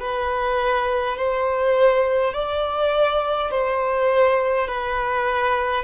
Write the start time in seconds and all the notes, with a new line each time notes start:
0.00 B4
1.18 C5
2.34 D5
3.51 C5
4.68 B4